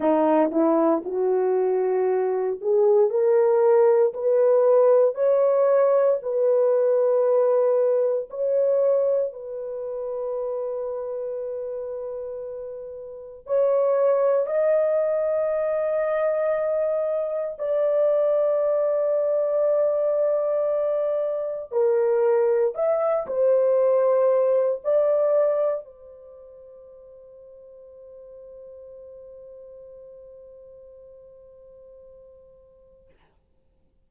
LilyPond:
\new Staff \with { instrumentName = "horn" } { \time 4/4 \tempo 4 = 58 dis'8 e'8 fis'4. gis'8 ais'4 | b'4 cis''4 b'2 | cis''4 b'2.~ | b'4 cis''4 dis''2~ |
dis''4 d''2.~ | d''4 ais'4 e''8 c''4. | d''4 c''2.~ | c''1 | }